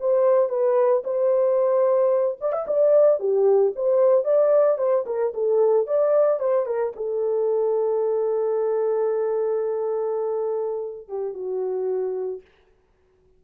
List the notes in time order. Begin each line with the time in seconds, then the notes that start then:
0.00 C5
0.49 B4
1.04 C5
2.41 D5
2.52 E5
2.67 D5
3.20 G4
3.76 C5
4.24 D5
4.78 C5
5.06 A#4
5.34 A4
5.87 D5
6.40 C5
6.66 A#4
6.96 A4
11.08 G4
11.34 F#4